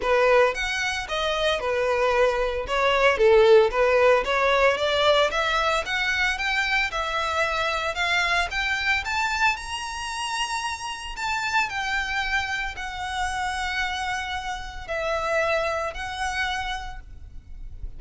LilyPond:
\new Staff \with { instrumentName = "violin" } { \time 4/4 \tempo 4 = 113 b'4 fis''4 dis''4 b'4~ | b'4 cis''4 a'4 b'4 | cis''4 d''4 e''4 fis''4 | g''4 e''2 f''4 |
g''4 a''4 ais''2~ | ais''4 a''4 g''2 | fis''1 | e''2 fis''2 | }